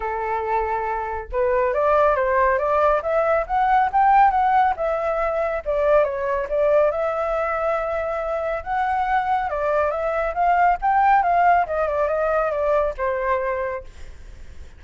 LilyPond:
\new Staff \with { instrumentName = "flute" } { \time 4/4 \tempo 4 = 139 a'2. b'4 | d''4 c''4 d''4 e''4 | fis''4 g''4 fis''4 e''4~ | e''4 d''4 cis''4 d''4 |
e''1 | fis''2 d''4 e''4 | f''4 g''4 f''4 dis''8 d''8 | dis''4 d''4 c''2 | }